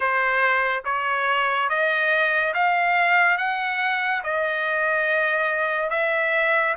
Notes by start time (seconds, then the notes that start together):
0.00 C5
0.85 C#5
1.69 D#5
2.54 F5
3.37 F#5
4.23 D#5
5.90 E5